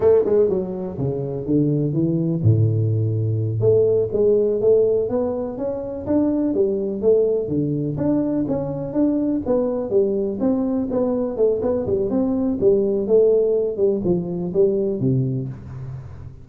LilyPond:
\new Staff \with { instrumentName = "tuba" } { \time 4/4 \tempo 4 = 124 a8 gis8 fis4 cis4 d4 | e4 a,2~ a,8 a8~ | a8 gis4 a4 b4 cis'8~ | cis'8 d'4 g4 a4 d8~ |
d8 d'4 cis'4 d'4 b8~ | b8 g4 c'4 b4 a8 | b8 g8 c'4 g4 a4~ | a8 g8 f4 g4 c4 | }